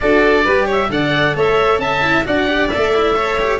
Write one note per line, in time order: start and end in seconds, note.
0.00 0.46 D4
0.00 0.46 F#4
0.00 0.44 A4
0.00 0.67 D5
0.44 0.89 G3
0.44 0.90 G4
0.44 0.65 B4
0.65 0.88 C#5
0.65 0.91 E5
0.89 1.35 D3
0.89 2.01 A4
0.89 1.36 D5
0.89 1.36 F#5
1.35 1.78 A3
1.35 1.81 C#5
1.35 1.79 E5
1.78 2.23 C#4
1.78 2.26 E5
1.78 2.24 A5
2.01 2.24 E4
2.24 2.71 D4
2.24 2.47 F#4
2.24 3.15 D5
2.24 2.69 F#5
2.47 2.69 G4
2.69 2.94 A4
2.69 3.59 E5
2.75 3.59 A3
2.94 3.15 E4
3.15 3.38 A4
3.15 3.59 C#5
3.39 3.59 G4